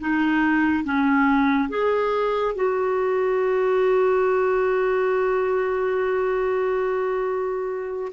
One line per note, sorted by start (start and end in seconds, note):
0.00 0.84 D#4
0.84 1.69 C#4
1.69 2.54 G#4
2.55 8.12 F#4